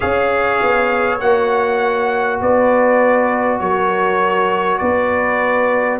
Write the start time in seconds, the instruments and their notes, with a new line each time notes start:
0.00 tuba C#4, trombone G#4, horn C#5, trumpet F5
0.62 tuba B3
1.20 tuba A#3, trombone F#4, trumpet F#5
2.41 tuba B3, horn B4, trumpet D5
3.59 tuba F#3, horn A#4, trumpet C#5
4.78 tuba B3, horn B4, trumpet D5